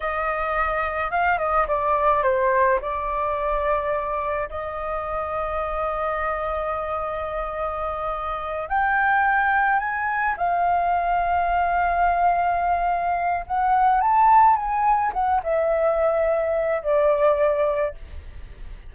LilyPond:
\new Staff \with { instrumentName = "flute" } { \time 4/4 \tempo 4 = 107 dis''2 f''8 dis''8 d''4 | c''4 d''2. | dis''1~ | dis''2.~ dis''8 g''8~ |
g''4. gis''4 f''4.~ | f''1 | fis''4 a''4 gis''4 fis''8 e''8~ | e''2 d''2 | }